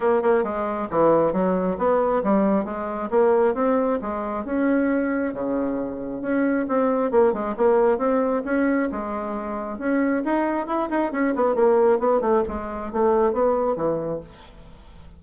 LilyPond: \new Staff \with { instrumentName = "bassoon" } { \time 4/4 \tempo 4 = 135 b8 ais8 gis4 e4 fis4 | b4 g4 gis4 ais4 | c'4 gis4 cis'2 | cis2 cis'4 c'4 |
ais8 gis8 ais4 c'4 cis'4 | gis2 cis'4 dis'4 | e'8 dis'8 cis'8 b8 ais4 b8 a8 | gis4 a4 b4 e4 | }